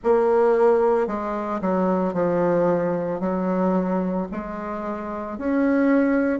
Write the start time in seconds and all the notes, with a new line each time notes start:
0.03 A#3
1.07 G#3
1.61 F#3
2.13 F3
3.19 F#3
4.31 G#3
5.38 C#4